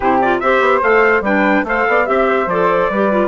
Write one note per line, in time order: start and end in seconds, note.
0.00 0.41 C3
0.00 0.22 E4
0.00 0.39 G4
0.00 0.20 C5
0.21 0.42 F4
0.21 0.40 D5
0.40 0.60 C4
0.40 0.82 G4
0.40 1.24 C5
0.40 0.81 E5
0.60 0.81 B3
0.82 1.20 A3
0.82 1.23 A4
0.82 1.24 F5
1.20 1.62 G3
1.20 1.66 D4
1.20 1.65 B4
1.20 1.66 G5
1.63 1.84 A3
1.63 2.05 A4
1.63 1.88 C5
1.63 2.08 F5
1.87 2.08 B3
1.87 2.05 D5
2.05 2.46 C4
2.05 2.47 G4
2.05 2.25 E5
2.05 2.49 E5
2.28 2.90 C5
2.46 2.87 F3
2.46 2.92 A4
2.46 3.28 D5
2.89 3.28 G3
2.89 3.11 G4
2.89 3.28 B4
3.11 3.28 F4